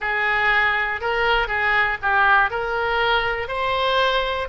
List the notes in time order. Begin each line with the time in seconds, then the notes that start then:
0.00 G#4
1.00 A#4
1.47 G#4
2.01 G4
2.50 A#4
3.47 C5